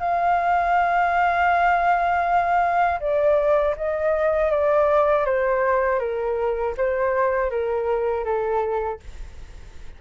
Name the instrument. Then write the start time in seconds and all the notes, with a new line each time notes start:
flute
0.00 F5
3.00 D5
3.77 D#5
4.51 D5
5.26 C5
6.00 A#4
6.78 C5
7.51 A#4
8.25 A4